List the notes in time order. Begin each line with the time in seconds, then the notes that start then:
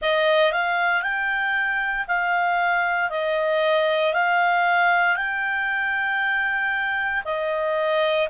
0.01 D#5
0.52 F5
1.02 G5
2.07 F5
3.10 D#5
4.13 F5
5.16 G5
7.24 D#5